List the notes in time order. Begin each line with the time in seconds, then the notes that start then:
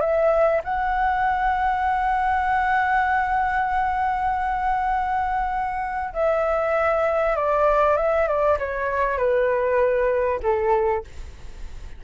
0.00 E5
0.63 F#5
6.13 E5
7.36 D5
7.96 E5
8.27 D5
8.58 C#5
9.17 B4
10.42 A4